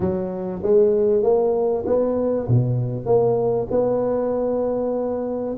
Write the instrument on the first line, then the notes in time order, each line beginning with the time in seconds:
tuba
0.00 F#3
0.62 G#3
1.22 A#3
1.86 B3
2.47 B2
3.05 A#3
3.71 B3